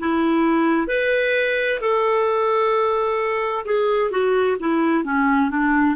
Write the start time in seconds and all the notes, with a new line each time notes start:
0.00 E4
0.87 B4
1.80 A4
3.65 G#4
4.11 F#4
4.60 E4
5.04 C#4
5.50 D4